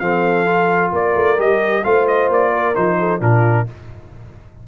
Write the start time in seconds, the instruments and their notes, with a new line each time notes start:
0.00 tuba F3, trombone C4, horn A4, trumpet F5
0.46 trombone F4
0.92 tuba A#3, horn A#4, trumpet D5
1.16 tuba A3
1.37 tuba G3, trombone G4, trumpet D#5
1.84 tuba A3, trombone F4, horn C5, trumpet F5
2.08 trumpet D#5
2.30 tuba A#3, trumpet D5
2.52 horn A#4
2.75 tuba F3, trombone D#4, trumpet C5
2.99 horn A4
3.21 tuba A#2, trombone D4, horn F4, trumpet A#4